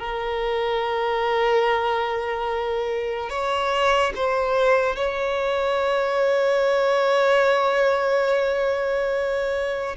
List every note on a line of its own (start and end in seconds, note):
0.00 3.30 A#4
3.30 4.13 C#5
4.15 4.96 C5
4.96 9.96 C#5